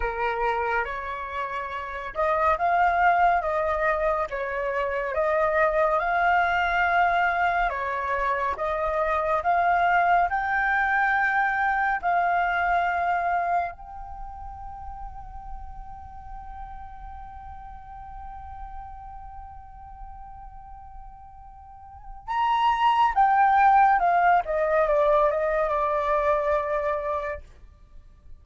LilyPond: \new Staff \with { instrumentName = "flute" } { \time 4/4 \tempo 4 = 70 ais'4 cis''4. dis''8 f''4 | dis''4 cis''4 dis''4 f''4~ | f''4 cis''4 dis''4 f''4 | g''2 f''2 |
g''1~ | g''1~ | g''2 ais''4 g''4 | f''8 dis''8 d''8 dis''8 d''2 | }